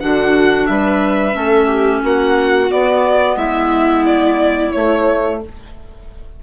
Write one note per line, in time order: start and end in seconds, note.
0.00 0.69 D3
0.00 1.32 D4
0.00 0.69 F#4
0.00 0.67 F#5
0.67 1.35 G3
0.67 1.37 B4
0.67 2.02 E5
1.32 2.02 A3
1.32 2.67 C#4
1.32 1.67 A4
1.67 2.01 G4
2.03 2.71 A#3
2.03 3.38 F#4
2.03 2.72 F#5
2.70 4.72 B3
2.70 3.37 B3
2.70 3.38 D5
3.37 4.71 G#3
3.37 5.40 E4
3.37 4.05 E5
4.06 4.73 D5
4.73 5.42 A3
4.73 5.44 A3
4.73 5.40 C#5